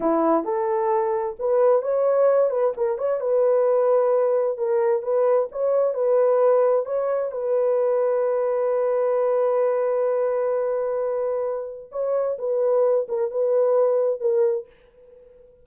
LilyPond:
\new Staff \with { instrumentName = "horn" } { \time 4/4 \tempo 4 = 131 e'4 a'2 b'4 | cis''4. b'8 ais'8 cis''8 b'4~ | b'2 ais'4 b'4 | cis''4 b'2 cis''4 |
b'1~ | b'1~ | b'2 cis''4 b'4~ | b'8 ais'8 b'2 ais'4 | }